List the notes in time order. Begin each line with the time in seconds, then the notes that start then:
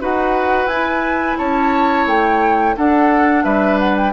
0.00 D#4 F#4 B4 F#5
0.66 E4 G#5
1.38 C#4 C#5 A5
2.06 A3 G5
2.76 D4 A4 F#5
3.44 G3 B4 E5
3.79 F#5
3.97 G5